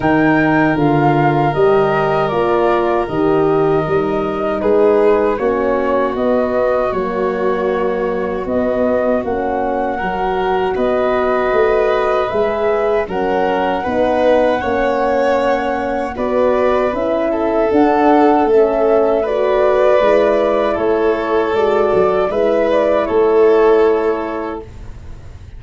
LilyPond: <<
  \new Staff \with { instrumentName = "flute" } { \time 4/4 \tempo 4 = 78 g''4 f''4 dis''4 d''4 | dis''2 b'4 cis''4 | dis''4 cis''2 dis''4 | fis''2 dis''2 |
e''4 fis''2.~ | fis''4 d''4 e''4 fis''4 | e''4 d''2 cis''4 | d''4 e''8 d''8 cis''2 | }
  \new Staff \with { instrumentName = "violin" } { \time 4/4 ais'1~ | ais'2 gis'4 fis'4~ | fis'1~ | fis'4 ais'4 b'2~ |
b'4 ais'4 b'4 cis''4~ | cis''4 b'4. a'4.~ | a'4 b'2 a'4~ | a'4 b'4 a'2 | }
  \new Staff \with { instrumentName = "horn" } { \time 4/4 dis'4 f'4 g'4 f'4 | g'4 dis'2 cis'4 | b4 ais2 b4 | cis'4 fis'2. |
gis'4 cis'4 dis'4 cis'4~ | cis'4 fis'4 e'4 d'4 | cis'4 fis'4 e'2 | fis'4 e'2. | }
  \new Staff \with { instrumentName = "tuba" } { \time 4/4 dis4 d4 g4 ais4 | dis4 g4 gis4 ais4 | b4 fis2 b4 | ais4 fis4 b4 a4 |
gis4 fis4 b4 ais4~ | ais4 b4 cis'4 d'4 | a2 gis4 a4 | gis8 fis8 gis4 a2 | }
>>